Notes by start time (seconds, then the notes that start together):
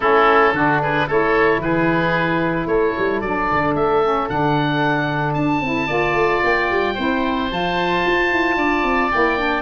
0.00 A3 C#4 E4 A4
0.52 D3 D4 F#4
0.82 G#4 B4
1.07 A3 E4 A4 C#5
1.58 E3 G#4 B4
2.66 A3 A4 C#5
2.97 G3
3.20 F#3 D4 D5
3.51 D3
3.74 A3 E5
4.03 C#4
4.28 D3 D4 F#5
5.33 D4 A5
5.60 C4 E4
5.86 A#3 F4 D5
6.13 A3
6.43 A#3 G5
6.70 G3
6.94 C4 E4 C5
7.49 F3 F4 A5
8.06 F4
8.31 E4
8.56 D4 D5
8.83 C4
9.11 A#3 E4 G5
9.37 D4